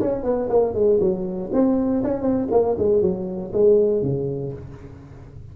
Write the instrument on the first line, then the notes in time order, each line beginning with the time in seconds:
tuba
0.00 C#4
0.23 B3
0.49 A#3
0.74 G#3
1.00 F#3
1.52 C4
2.03 C#4
2.22 C4
2.50 A#3
2.78 G#3
3.01 F#3
3.52 G#3
4.02 C#3